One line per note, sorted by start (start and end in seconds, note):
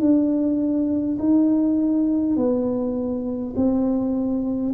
0.00 1.18 D4
1.19 2.36 D#4
2.36 3.54 B3
3.56 4.74 C4